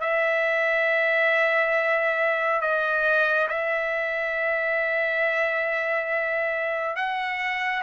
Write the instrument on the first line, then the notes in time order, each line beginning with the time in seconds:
trumpet
0.00 E5
2.61 D#5
3.48 E5
6.96 F#5